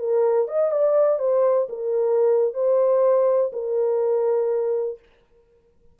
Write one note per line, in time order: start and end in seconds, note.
0.00 0.49 A#4
0.49 0.72 D#5
0.72 1.20 D5
1.20 1.68 C5
1.69 2.54 A#4
2.54 3.52 C5
3.53 5.00 A#4